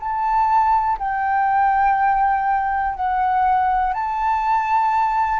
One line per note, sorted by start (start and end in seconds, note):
0.00 0.98 A5
0.98 2.95 G5
2.95 3.93 F#5
3.93 5.40 A5